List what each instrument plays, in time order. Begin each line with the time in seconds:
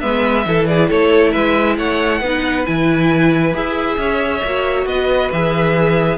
0.00 cello G#3, viola B3, violin B4 E5
0.46 cello E3, viola E4, violin A4
0.66 violin G#4 D5
0.89 cello A3, violin A4 C#5
1.31 cello G#3, violin B4 E5
1.77 cello A3, violin C#5 F#5
2.20 cello B3, viola D#4, violin B4
2.65 cello E3, viola E4, violin G#5
3.53 cello E4, viola G#4, violin E5
3.97 cello C#4, violin C#5
4.44 cello A#3, viola F#4
4.86 cello B3, violin B4 D#5
5.32 cello E3, viola G#4, violin E5